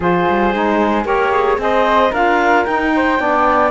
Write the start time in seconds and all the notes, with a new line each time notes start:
0.00 F3 F4 G#4 C5
0.29 G3
0.53 G#3 D#4
1.04 A#3 G4 A#4 C#5
1.31 G#4
1.57 C4 G#4 C5 D#5
2.10 D4 F4 A#4 F5
2.65 D#4 G5
2.95 C5
3.18 B3 D4 D5